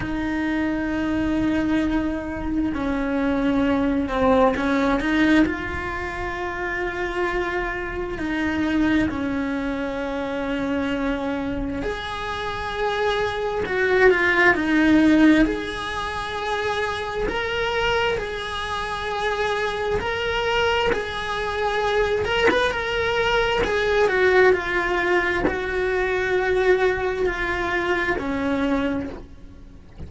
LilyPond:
\new Staff \with { instrumentName = "cello" } { \time 4/4 \tempo 4 = 66 dis'2. cis'4~ | cis'8 c'8 cis'8 dis'8 f'2~ | f'4 dis'4 cis'2~ | cis'4 gis'2 fis'8 f'8 |
dis'4 gis'2 ais'4 | gis'2 ais'4 gis'4~ | gis'8 ais'16 b'16 ais'4 gis'8 fis'8 f'4 | fis'2 f'4 cis'4 | }